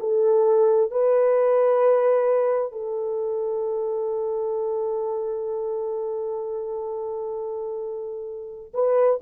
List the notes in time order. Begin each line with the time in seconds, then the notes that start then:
0.00 A4
0.91 B4
2.73 A4
8.74 B4